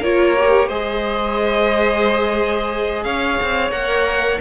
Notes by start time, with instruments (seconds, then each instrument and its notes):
0.00 cello A#3, viola F4, violin A#4 C#5
0.36 viola G4
0.67 cello G#3, viola G#4, violin C5 D#5
3.03 cello C#4, violin C#5 F5
3.42 cello C4
3.71 cello A#3, viola A#4, violin F#5